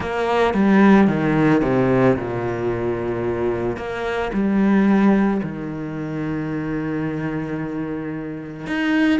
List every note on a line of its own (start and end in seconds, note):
0.00 0.54 A#3
0.54 1.07 G3
1.07 1.61 D#3
1.61 2.15 C3
2.16 3.77 A#2
3.77 4.31 A#3
4.33 5.41 G3
5.42 8.66 D#3
8.66 9.19 D#4